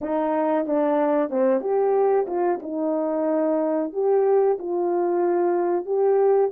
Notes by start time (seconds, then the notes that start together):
0.01 D#4
0.66 D4
1.30 C4
1.60 G4
2.26 F4
2.62 D#4
3.92 G4
4.58 F4
5.85 G4